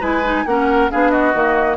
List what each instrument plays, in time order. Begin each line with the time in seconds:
0.00 bassoon G#3, clarinet E4, oboe B4, flute G#5
0.23 clarinet D#4
0.46 bassoon A#3, clarinet C#4, oboe A#4, flute F#5
0.91 bassoon B3, clarinet D4, oboe G#4, flute F5
1.10 oboe F#4, flute D#5
1.34 bassoon D#3, clarinet A#3